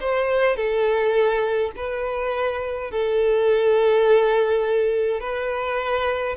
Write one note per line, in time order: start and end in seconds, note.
0.00 0.56 C5
0.56 1.71 A4
1.76 2.91 B4
2.91 5.20 A4
5.20 6.35 B4